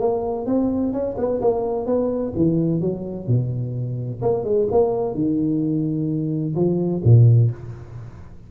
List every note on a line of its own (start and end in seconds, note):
0.00 0.46 A#3
0.46 0.93 C4
0.93 1.17 C#4
1.18 1.41 B3
1.41 1.86 A#3
1.86 2.33 B3
2.37 2.81 E3
2.81 3.28 F#3
3.28 4.21 B2
4.22 4.44 A#3
4.44 4.68 G#3
4.72 5.15 A#3
5.15 6.55 D#3
6.56 7.03 F3
7.05 7.51 A#2